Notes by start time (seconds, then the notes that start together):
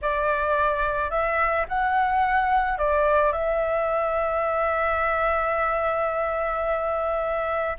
0.01 D5
1.10 E5
1.68 F#5
2.78 D5
3.32 E5